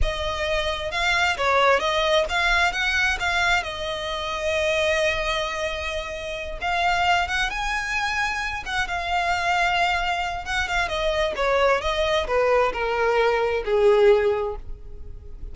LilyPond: \new Staff \with { instrumentName = "violin" } { \time 4/4 \tempo 4 = 132 dis''2 f''4 cis''4 | dis''4 f''4 fis''4 f''4 | dis''1~ | dis''2~ dis''8 f''4. |
fis''8 gis''2~ gis''8 fis''8 f''8~ | f''2. fis''8 f''8 | dis''4 cis''4 dis''4 b'4 | ais'2 gis'2 | }